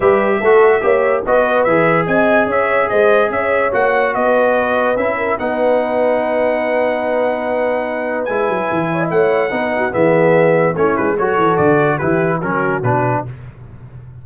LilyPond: <<
  \new Staff \with { instrumentName = "trumpet" } { \time 4/4 \tempo 4 = 145 e''2. dis''4 | e''4 gis''4 e''4 dis''4 | e''4 fis''4 dis''2 | e''4 fis''2.~ |
fis''1 | gis''2 fis''2 | e''2 cis''8 b'8 cis''4 | d''4 b'4 ais'4 b'4 | }
  \new Staff \with { instrumentName = "horn" } { \time 4/4 b'4 a'4 cis''4 b'4~ | b'4 dis''4 cis''4 c''4 | cis''2 b'2~ | b'8 ais'8 b'2.~ |
b'1~ | b'4. cis''16 dis''16 cis''4 b'8 fis'8 | gis'2 e'4 a'4~ | a'4 g'4 fis'2 | }
  \new Staff \with { instrumentName = "trombone" } { \time 4/4 g'4 fis'4 g'4 fis'4 | gis'1~ | gis'4 fis'2. | e'4 dis'2.~ |
dis'1 | e'2. dis'4 | b2 cis'4 fis'4~ | fis'4 e'4 cis'4 d'4 | }
  \new Staff \with { instrumentName = "tuba" } { \time 4/4 g4 a4 ais4 b4 | e4 c'4 cis'4 gis4 | cis'4 ais4 b2 | cis'4 b2.~ |
b1 | gis8 fis8 e4 a4 b4 | e2 a8 gis8 fis8 e8 | d4 e4 fis4 b,4 | }
>>